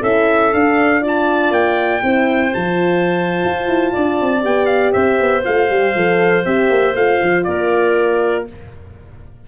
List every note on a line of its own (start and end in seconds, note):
0.00 0.53 C#4
0.00 0.52 E4
0.00 1.01 A4
0.00 0.53 E5
0.52 1.01 D4
0.52 1.51 D4
0.52 1.04 F5
1.01 2.02 F4
1.01 2.02 D5
1.07 1.53 A5
1.51 2.01 A#3
1.51 2.54 G5
2.02 2.53 C4
2.02 2.53 E4
2.02 3.92 C5
2.54 3.44 F3
2.54 4.41 F4
2.54 4.43 A5
3.44 3.67 F4
3.67 3.93 E4
3.92 4.21 D4
3.92 4.92 D5
4.21 4.44 C4
4.41 4.95 B3
4.41 5.42 G4
4.41 4.66 G5
4.66 4.91 F5
4.92 5.20 C4
4.92 7.44 C5
4.92 5.43 E5
5.20 5.45 B3
5.44 5.70 A3
5.44 5.69 F4
5.44 6.45 F5
5.69 5.95 G3
5.69 5.94 G4
5.95 6.45 F3
5.95 6.45 A4
6.45 6.70 C4
6.45 6.95 G4
6.45 6.95 E5
6.70 6.95 A#3
6.95 7.20 A3
6.95 8.47 F4
6.95 7.44 F5
7.21 7.46 F3
7.44 8.48 A#3
7.44 8.47 A#4
7.44 8.45 D5